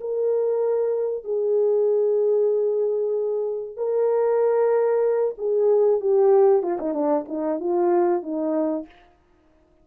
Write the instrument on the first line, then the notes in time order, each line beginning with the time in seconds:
horn
0.00 A#4
1.24 G#4
3.76 A#4
5.38 G#4
6.01 G4
6.62 F4
6.79 D#4
6.93 D4
7.28 D#4
7.60 F4
8.22 D#4